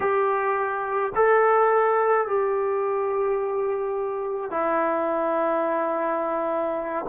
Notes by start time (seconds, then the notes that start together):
0.00 G4
1.15 A4
2.27 G4
4.50 E4